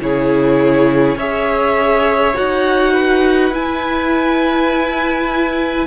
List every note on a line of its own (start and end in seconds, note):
0.00 1.15 C#3
0.00 1.18 E4
0.00 1.17 G#4
0.00 1.19 C#5
1.15 2.33 C#4
1.15 2.34 G#4
1.15 2.93 C#5
1.15 2.37 E5
2.34 3.50 D#4
2.34 3.52 F#4
2.34 3.54 F#5
2.93 5.87 B4
3.50 5.86 E4
3.50 5.87 E4
3.50 5.87 G#5